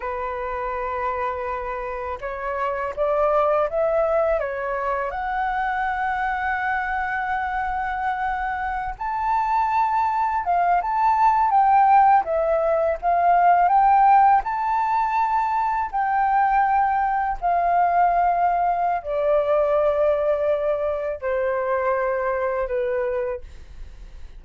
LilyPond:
\new Staff \with { instrumentName = "flute" } { \time 4/4 \tempo 4 = 82 b'2. cis''4 | d''4 e''4 cis''4 fis''4~ | fis''1~ | fis''16 a''2 f''8 a''4 g''16~ |
g''8. e''4 f''4 g''4 a''16~ | a''4.~ a''16 g''2 f''16~ | f''2 d''2~ | d''4 c''2 b'4 | }